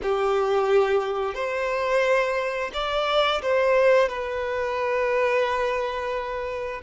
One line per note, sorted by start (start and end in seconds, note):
0.02 1.34 G4
1.34 2.71 C5
2.73 3.41 D5
3.42 4.08 C5
4.08 6.81 B4